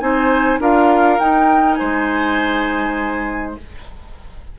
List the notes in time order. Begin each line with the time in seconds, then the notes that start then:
0.00 C4 D#4 C5 G#5
0.60 D4 F4 A#4 F5
1.20 D#4 G5
1.75 C5 G#5
1.81 G#3